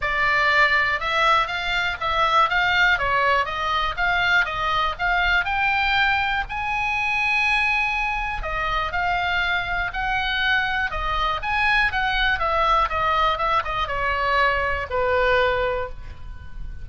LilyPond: \new Staff \with { instrumentName = "oboe" } { \time 4/4 \tempo 4 = 121 d''2 e''4 f''4 | e''4 f''4 cis''4 dis''4 | f''4 dis''4 f''4 g''4~ | g''4 gis''2.~ |
gis''4 dis''4 f''2 | fis''2 dis''4 gis''4 | fis''4 e''4 dis''4 e''8 dis''8 | cis''2 b'2 | }